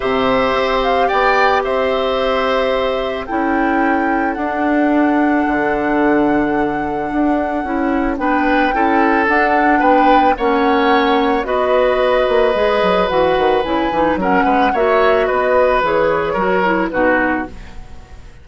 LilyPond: <<
  \new Staff \with { instrumentName = "flute" } { \time 4/4 \tempo 4 = 110 e''4. f''8 g''4 e''4~ | e''2 g''2 | fis''1~ | fis''2. g''4~ |
g''4 fis''4 g''4 fis''4~ | fis''4 dis''2. | fis''4 gis''4 fis''4 e''4 | dis''4 cis''2 b'4 | }
  \new Staff \with { instrumentName = "oboe" } { \time 4/4 c''2 d''4 c''4~ | c''2 a'2~ | a'1~ | a'2. b'4 |
a'2 b'4 cis''4~ | cis''4 b'2.~ | b'2 ais'8 b'8 cis''4 | b'2 ais'4 fis'4 | }
  \new Staff \with { instrumentName = "clarinet" } { \time 4/4 g'1~ | g'2 e'2 | d'1~ | d'2 e'4 d'4 |
e'4 d'2 cis'4~ | cis'4 fis'2 gis'4 | fis'4 e'8 dis'8 cis'4 fis'4~ | fis'4 gis'4 fis'8 e'8 dis'4 | }
  \new Staff \with { instrumentName = "bassoon" } { \time 4/4 c4 c'4 b4 c'4~ | c'2 cis'2 | d'2 d2~ | d4 d'4 cis'4 b4 |
cis'4 d'4 b4 ais4~ | ais4 b4. ais8 gis8 fis8 | e8 dis8 cis8 e8 fis8 gis8 ais4 | b4 e4 fis4 b,4 | }
>>